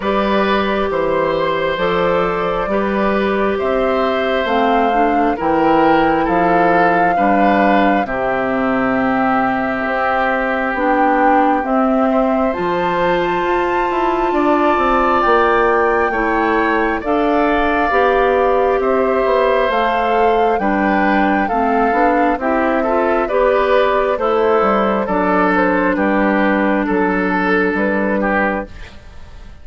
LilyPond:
<<
  \new Staff \with { instrumentName = "flute" } { \time 4/4 \tempo 4 = 67 d''4 c''4 d''2 | e''4 f''4 g''4 f''4~ | f''4 e''2. | g''4 e''4 a''2~ |
a''4 g''2 f''4~ | f''4 e''4 f''4 g''4 | f''4 e''4 d''4 c''4 | d''8 c''8 b'4 a'4 b'4 | }
  \new Staff \with { instrumentName = "oboe" } { \time 4/4 b'4 c''2 b'4 | c''2 ais'4 a'4 | b'4 g'2.~ | g'4. c''2~ c''8 |
d''2 cis''4 d''4~ | d''4 c''2 b'4 | a'4 g'8 a'8 b'4 e'4 | a'4 g'4 a'4. g'8 | }
  \new Staff \with { instrumentName = "clarinet" } { \time 4/4 g'2 a'4 g'4~ | g'4 c'8 d'8 e'2 | d'4 c'2. | d'4 c'4 f'2~ |
f'2 e'4 a'4 | g'2 a'4 d'4 | c'8 d'8 e'8 f'8 g'4 a'4 | d'1 | }
  \new Staff \with { instrumentName = "bassoon" } { \time 4/4 g4 e4 f4 g4 | c'4 a4 e4 f4 | g4 c2 c'4 | b4 c'4 f4 f'8 e'8 |
d'8 c'8 ais4 a4 d'4 | b4 c'8 b8 a4 g4 | a8 b8 c'4 b4 a8 g8 | fis4 g4 fis4 g4 | }
>>